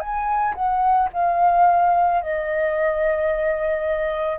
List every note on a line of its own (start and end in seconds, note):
0.00 0.55 G#5
0.55 1.09 F#5
1.13 2.22 F5
2.22 4.38 D#5